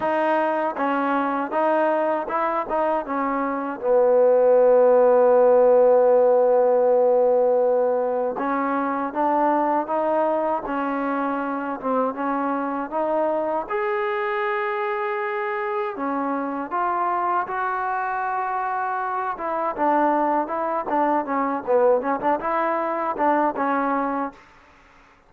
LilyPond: \new Staff \with { instrumentName = "trombone" } { \time 4/4 \tempo 4 = 79 dis'4 cis'4 dis'4 e'8 dis'8 | cis'4 b2.~ | b2. cis'4 | d'4 dis'4 cis'4. c'8 |
cis'4 dis'4 gis'2~ | gis'4 cis'4 f'4 fis'4~ | fis'4. e'8 d'4 e'8 d'8 | cis'8 b8 cis'16 d'16 e'4 d'8 cis'4 | }